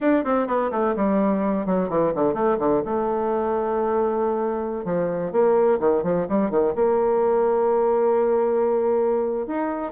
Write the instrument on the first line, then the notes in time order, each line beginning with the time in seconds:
bassoon
0.00 D4
0.24 C4
0.47 B3
0.71 A3
0.96 G3
1.66 F#3
1.89 E3
2.14 D3
2.34 A3
2.59 D3
2.85 A3
4.84 F3
5.31 A#3
5.79 D#3
6.03 F3
6.28 G3
6.50 D#3
6.75 A#3
9.46 D#4